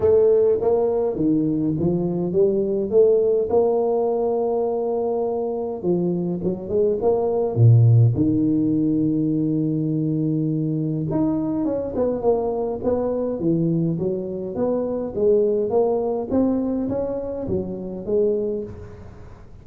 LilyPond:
\new Staff \with { instrumentName = "tuba" } { \time 4/4 \tempo 4 = 103 a4 ais4 dis4 f4 | g4 a4 ais2~ | ais2 f4 fis8 gis8 | ais4 ais,4 dis2~ |
dis2. dis'4 | cis'8 b8 ais4 b4 e4 | fis4 b4 gis4 ais4 | c'4 cis'4 fis4 gis4 | }